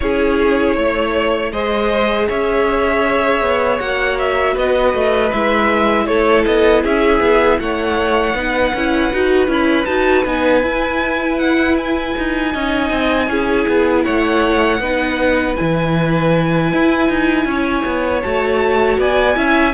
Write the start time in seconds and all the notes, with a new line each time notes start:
0.00 C#4 E4 G#4 C#5
0.76 A3 C#5
1.52 G#3 G#4 C5 D#5
2.28 C#4 C#5 E5
3.41 B3
3.79 A#3 F#4 F#5
4.19 E5
4.53 B3 B4 D#5
4.93 A3
5.32 G#3 E4 E5
6.06 A3 A4 C#5
6.45 B3 D#5
6.83 C#4 G#4 E5
7.20 B3
7.59 A3 C#5 F#5
8.34 B3 D#4 B4
8.74 C#4 E4
9.13 D#4 F#4
9.47 C#4 E4 B5
9.85 D#4 F#4 A5
10.25 B3 D#4 G#5
10.63 E4
11.38 F#5
11.77 G#5
12.17 D#4
12.52 C#4 D#4 D#5
12.90 C4
13.28 C#4 E4 G#4
13.68 B3
14.03 A3 C#5 F#5
14.79 B3 D#4 B4
15.56 E3 E4 G#5
16.72 E4
17.08 D#4
17.45 C#4 C#5
17.85 B3
18.22 A3 F#4 A5
18.97 B3 D5 G#5
19.35 C#4 E4 E5